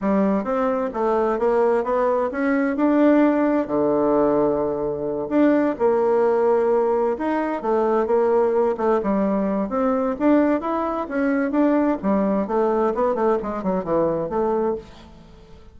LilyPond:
\new Staff \with { instrumentName = "bassoon" } { \time 4/4 \tempo 4 = 130 g4 c'4 a4 ais4 | b4 cis'4 d'2 | d2.~ d8 d'8~ | d'8 ais2. dis'8~ |
dis'8 a4 ais4. a8 g8~ | g4 c'4 d'4 e'4 | cis'4 d'4 g4 a4 | b8 a8 gis8 fis8 e4 a4 | }